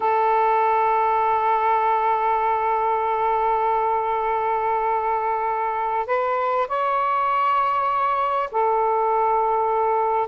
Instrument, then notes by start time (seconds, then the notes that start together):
saxophone
0.00 A4
6.06 B4
6.67 C#5
8.51 A4